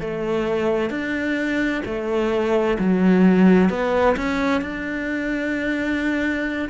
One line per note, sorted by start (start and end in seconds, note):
0.00 0.90 A3
0.90 1.82 D4
1.85 2.77 A3
2.79 3.70 F#3
3.70 4.16 B3
4.16 4.61 C#4
4.61 6.68 D4